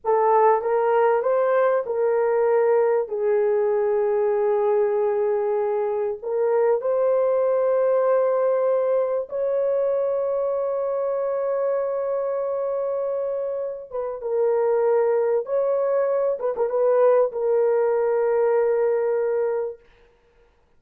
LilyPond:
\new Staff \with { instrumentName = "horn" } { \time 4/4 \tempo 4 = 97 a'4 ais'4 c''4 ais'4~ | ais'4 gis'2.~ | gis'2 ais'4 c''4~ | c''2. cis''4~ |
cis''1~ | cis''2~ cis''8 b'8 ais'4~ | ais'4 cis''4. b'16 ais'16 b'4 | ais'1 | }